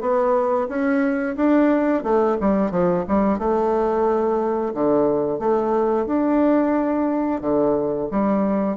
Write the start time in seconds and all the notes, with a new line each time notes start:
0.00 B3
0.68 C#4
1.36 D4
2.03 A3
2.40 G3
2.71 F3
3.07 G3
3.38 A3
4.73 D3
5.38 A3
6.06 D4
7.41 D3
8.11 G3